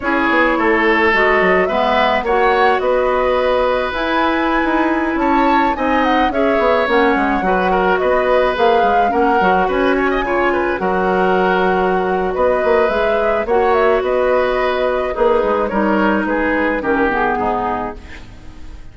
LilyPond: <<
  \new Staff \with { instrumentName = "flute" } { \time 4/4 \tempo 4 = 107 cis''2 dis''4 e''4 | fis''4 dis''2 gis''4~ | gis''4~ gis''16 a''4 gis''8 fis''8 e''8.~ | e''16 fis''2 dis''4 f''8.~ |
f''16 fis''4 gis''2 fis''8.~ | fis''2 dis''4 e''4 | fis''8 e''8 dis''2 b'4 | cis''4 b'4 ais'8 gis'4. | }
  \new Staff \with { instrumentName = "oboe" } { \time 4/4 gis'4 a'2 b'4 | cis''4 b'2.~ | b'4~ b'16 cis''4 dis''4 cis''8.~ | cis''4~ cis''16 b'8 ais'8 b'4.~ b'16~ |
b'16 ais'4 b'8 cis''16 dis''16 cis''8 b'8 ais'8.~ | ais'2 b'2 | cis''4 b'2 dis'4 | ais'4 gis'4 g'4 dis'4 | }
  \new Staff \with { instrumentName = "clarinet" } { \time 4/4 e'2 fis'4 b4 | fis'2. e'4~ | e'2~ e'16 dis'4 gis'8.~ | gis'16 cis'4 fis'2 gis'8.~ |
gis'16 cis'8 fis'4. f'4 fis'8.~ | fis'2. gis'4 | fis'2. gis'4 | dis'2 cis'8 b4. | }
  \new Staff \with { instrumentName = "bassoon" } { \time 4/4 cis'8 b8 a4 gis8 fis8 gis4 | ais4 b2 e'4~ | e'16 dis'4 cis'4 c'4 cis'8 b16~ | b16 ais8 gis8 fis4 b4 ais8 gis16~ |
gis16 ais8 fis8 cis'4 cis4 fis8.~ | fis2 b8 ais8 gis4 | ais4 b2 ais8 gis8 | g4 gis4 dis4 gis,4 | }
>>